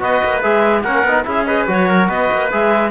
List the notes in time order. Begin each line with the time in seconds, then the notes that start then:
0.00 B3 F#4 B4 D#5
0.24 A#3
0.42 G#3 G#4 E5
0.82 A#3 C#4 A#4 F#5
1.03 B3 D#4
1.25 C#4 E4 G#4 E5
1.44 G#4 B4 D#5
1.67 F#3 F#4 C#5
1.88 A#4
2.09 B3 B4 D#5
2.32 A#3
2.52 G#3 G#4 E5